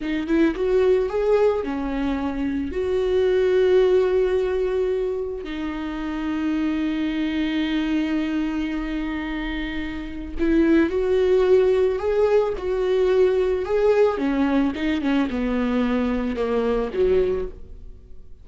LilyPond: \new Staff \with { instrumentName = "viola" } { \time 4/4 \tempo 4 = 110 dis'8 e'8 fis'4 gis'4 cis'4~ | cis'4 fis'2.~ | fis'2 dis'2~ | dis'1~ |
dis'2. e'4 | fis'2 gis'4 fis'4~ | fis'4 gis'4 cis'4 dis'8 cis'8 | b2 ais4 fis4 | }